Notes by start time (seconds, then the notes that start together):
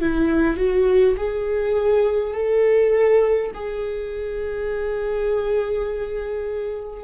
0.00 E4
0.57 F#4
1.17 G#4
2.33 A4
3.53 G#4